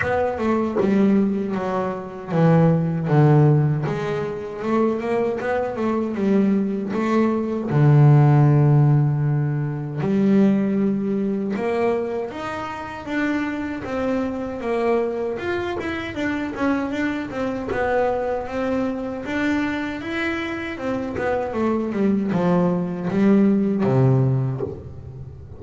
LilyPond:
\new Staff \with { instrumentName = "double bass" } { \time 4/4 \tempo 4 = 78 b8 a8 g4 fis4 e4 | d4 gis4 a8 ais8 b8 a8 | g4 a4 d2~ | d4 g2 ais4 |
dis'4 d'4 c'4 ais4 | f'8 e'8 d'8 cis'8 d'8 c'8 b4 | c'4 d'4 e'4 c'8 b8 | a8 g8 f4 g4 c4 | }